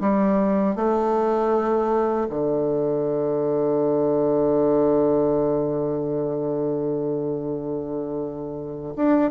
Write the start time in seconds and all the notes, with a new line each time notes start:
0.00 G3
0.75 A3
2.29 D3
8.96 D4